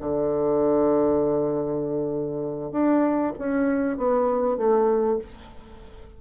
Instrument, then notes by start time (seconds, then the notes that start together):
bassoon
0.00 D3
2.71 D4
3.38 C#4
3.97 B3
4.57 A3